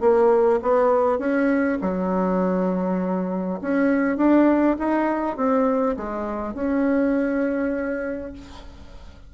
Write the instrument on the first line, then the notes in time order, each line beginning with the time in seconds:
bassoon
0.00 A#3
0.62 B3
1.18 C#4
1.81 F#3
3.61 C#4
4.17 D4
4.78 D#4
5.37 C4
5.96 G#3
6.54 C#4